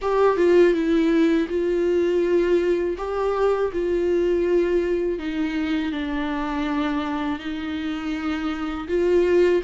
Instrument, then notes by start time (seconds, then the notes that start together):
viola
0.01 G4
0.36 F4
0.73 E4
1.48 F4
2.97 G4
3.72 F4
5.19 D#4
5.92 D4
7.39 D#4
8.88 F4